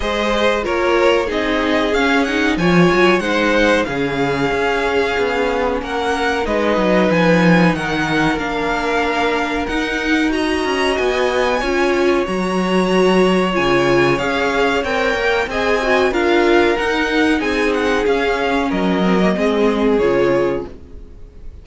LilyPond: <<
  \new Staff \with { instrumentName = "violin" } { \time 4/4 \tempo 4 = 93 dis''4 cis''4 dis''4 f''8 fis''8 | gis''4 fis''4 f''2~ | f''4 fis''4 dis''4 gis''4 | fis''4 f''2 fis''4 |
ais''4 gis''2 ais''4~ | ais''4 gis''4 f''4 g''4 | gis''4 f''4 fis''4 gis''8 fis''8 | f''4 dis''2 cis''4 | }
  \new Staff \with { instrumentName = "violin" } { \time 4/4 c''4 ais'4 gis'2 | cis''4 c''4 gis'2~ | gis'4 ais'4 b'2 | ais'1 |
dis''2 cis''2~ | cis''1 | dis''4 ais'2 gis'4~ | gis'4 ais'4 gis'2 | }
  \new Staff \with { instrumentName = "viola" } { \time 4/4 gis'4 f'4 dis'4 cis'8 dis'8 | f'4 dis'4 cis'2~ | cis'2 dis'2~ | dis'4 d'2 dis'4 |
fis'2 f'4 fis'4~ | fis'4 f'4 gis'4 ais'4 | gis'8 fis'8 f'4 dis'2 | cis'4. c'16 ais16 c'4 f'4 | }
  \new Staff \with { instrumentName = "cello" } { \time 4/4 gis4 ais4 c'4 cis'4 | f8 fis8 gis4 cis4 cis'4 | b4 ais4 gis8 fis8 f4 | dis4 ais2 dis'4~ |
dis'8 cis'8 b4 cis'4 fis4~ | fis4 cis4 cis'4 c'8 ais8 | c'4 d'4 dis'4 c'4 | cis'4 fis4 gis4 cis4 | }
>>